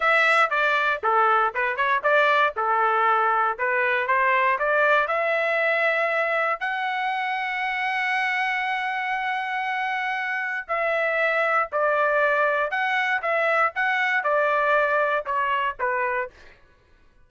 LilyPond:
\new Staff \with { instrumentName = "trumpet" } { \time 4/4 \tempo 4 = 118 e''4 d''4 a'4 b'8 cis''8 | d''4 a'2 b'4 | c''4 d''4 e''2~ | e''4 fis''2.~ |
fis''1~ | fis''4 e''2 d''4~ | d''4 fis''4 e''4 fis''4 | d''2 cis''4 b'4 | }